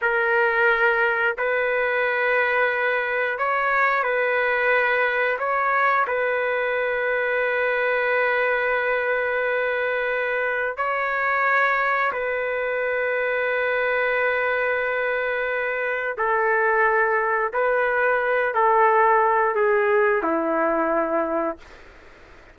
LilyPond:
\new Staff \with { instrumentName = "trumpet" } { \time 4/4 \tempo 4 = 89 ais'2 b'2~ | b'4 cis''4 b'2 | cis''4 b'2.~ | b'1 |
cis''2 b'2~ | b'1 | a'2 b'4. a'8~ | a'4 gis'4 e'2 | }